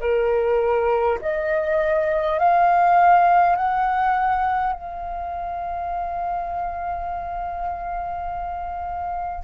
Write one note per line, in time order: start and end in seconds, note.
0.00 1.18 A#4
1.21 2.39 D#5
2.39 3.55 F5
3.55 4.73 F#5
4.73 9.43 F5